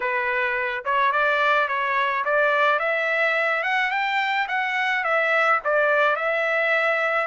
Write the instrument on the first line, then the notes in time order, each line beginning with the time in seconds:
trumpet
0.00 B4
0.84 C#5
1.12 D5
1.68 C#5
2.25 D5
2.79 E5
3.63 F#5
3.90 G5
4.47 F#5
5.03 E5
5.64 D5
6.15 E5